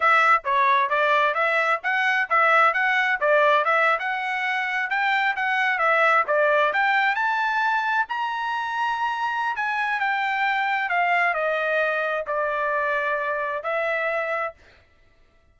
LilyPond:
\new Staff \with { instrumentName = "trumpet" } { \time 4/4 \tempo 4 = 132 e''4 cis''4 d''4 e''4 | fis''4 e''4 fis''4 d''4 | e''8. fis''2 g''4 fis''16~ | fis''8. e''4 d''4 g''4 a''16~ |
a''4.~ a''16 ais''2~ ais''16~ | ais''4 gis''4 g''2 | f''4 dis''2 d''4~ | d''2 e''2 | }